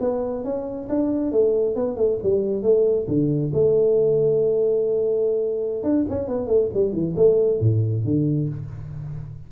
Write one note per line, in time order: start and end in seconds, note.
0.00 0.44 B3
0.44 0.88 C#4
0.89 1.32 D4
1.32 1.75 A3
1.75 1.96 B3
1.96 2.18 A3
2.23 2.62 G3
2.62 3.07 A3
3.08 3.52 D3
3.53 5.83 A3
5.83 6.05 D4
6.09 6.27 C#4
6.27 6.47 B3
6.47 6.69 A3
6.74 6.92 G3
6.92 7.15 E3
7.16 7.60 A3
7.60 8.04 A2
8.05 8.49 D3